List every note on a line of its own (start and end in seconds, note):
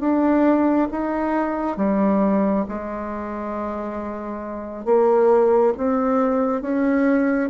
0.00 0.88 D4
0.91 1.77 D#4
1.77 2.65 G3
2.69 4.85 G#3
4.85 5.73 A#3
5.77 6.62 C4
6.62 7.50 C#4